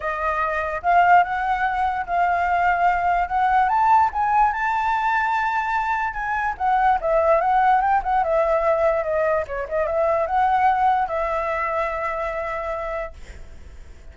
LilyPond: \new Staff \with { instrumentName = "flute" } { \time 4/4 \tempo 4 = 146 dis''2 f''4 fis''4~ | fis''4 f''2. | fis''4 a''4 gis''4 a''4~ | a''2. gis''4 |
fis''4 e''4 fis''4 g''8 fis''8 | e''2 dis''4 cis''8 dis''8 | e''4 fis''2 e''4~ | e''1 | }